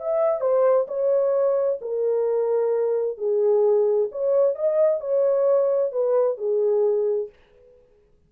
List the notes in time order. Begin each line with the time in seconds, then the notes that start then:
0.00 E5
0.41 C5
0.88 C#5
1.82 A#4
3.18 G#4
4.12 C#5
4.56 D#5
5.01 C#5
5.93 B4
6.38 G#4